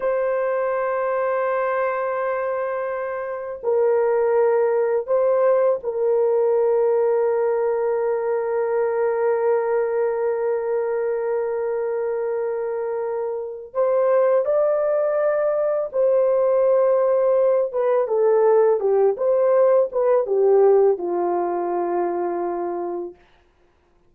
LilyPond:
\new Staff \with { instrumentName = "horn" } { \time 4/4 \tempo 4 = 83 c''1~ | c''4 ais'2 c''4 | ais'1~ | ais'1~ |
ais'2. c''4 | d''2 c''2~ | c''8 b'8 a'4 g'8 c''4 b'8 | g'4 f'2. | }